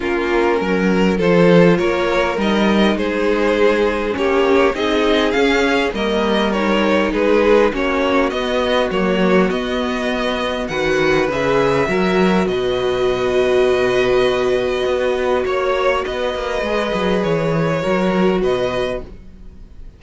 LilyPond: <<
  \new Staff \with { instrumentName = "violin" } { \time 4/4 \tempo 4 = 101 ais'2 c''4 cis''4 | dis''4 c''2 cis''4 | dis''4 f''4 dis''4 cis''4 | b'4 cis''4 dis''4 cis''4 |
dis''2 fis''4 e''4~ | e''4 dis''2.~ | dis''2 cis''4 dis''4~ | dis''4 cis''2 dis''4 | }
  \new Staff \with { instrumentName = "violin" } { \time 4/4 f'4 ais'4 a'4 ais'4~ | ais'4 gis'2 g'4 | gis'2 ais'2 | gis'4 fis'2.~ |
fis'2 b'2 | ais'4 b'2.~ | b'2 cis''4 b'4~ | b'2 ais'4 b'4 | }
  \new Staff \with { instrumentName = "viola" } { \time 4/4 cis'2 f'2 | dis'2. cis'4 | dis'4 cis'4 ais4 dis'4~ | dis'4 cis'4 b4 ais4 |
b2 fis'4 gis'4 | fis'1~ | fis'1 | gis'2 fis'2 | }
  \new Staff \with { instrumentName = "cello" } { \time 4/4 ais4 fis4 f4 ais4 | g4 gis2 ais4 | c'4 cis'4 g2 | gis4 ais4 b4 fis4 |
b2 dis4 cis4 | fis4 b,2.~ | b,4 b4 ais4 b8 ais8 | gis8 fis8 e4 fis4 b,4 | }
>>